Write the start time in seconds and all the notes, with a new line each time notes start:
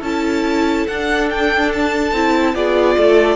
0.00 C#4 E4 A4 A5
0.87 D4 F#5
1.30 G5
1.73 A5
2.12 C4 E4
2.54 B3 F4 G#4 D5
2.98 A3 A4